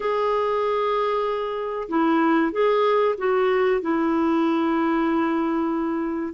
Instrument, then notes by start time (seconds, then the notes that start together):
clarinet
0.00 G#4
1.88 E4
2.51 G#4
3.18 F#4
3.81 E4